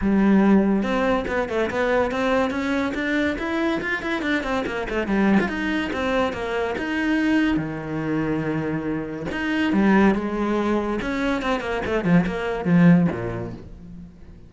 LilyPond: \new Staff \with { instrumentName = "cello" } { \time 4/4 \tempo 4 = 142 g2 c'4 b8 a8 | b4 c'4 cis'4 d'4 | e'4 f'8 e'8 d'8 c'8 ais8 a8 | g8. f'16 dis'4 c'4 ais4 |
dis'2 dis2~ | dis2 dis'4 g4 | gis2 cis'4 c'8 ais8 | a8 f8 ais4 f4 ais,4 | }